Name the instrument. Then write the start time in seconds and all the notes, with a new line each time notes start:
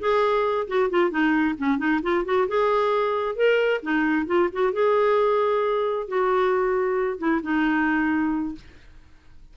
clarinet
0.00 G#4
0.68 F#4
0.90 F4
1.11 D#4
1.58 C#4
1.78 D#4
2.03 F4
2.25 F#4
2.49 G#4
3.36 A#4
3.83 D#4
4.27 F4
4.53 F#4
4.73 G#4
6.08 F#4
7.19 E4
7.43 D#4